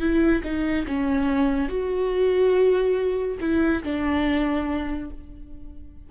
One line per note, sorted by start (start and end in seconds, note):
0.00 0.42 E4
0.44 0.86 D#4
0.87 1.69 C#4
1.69 3.38 F#4
3.41 3.83 E4
3.83 5.10 D4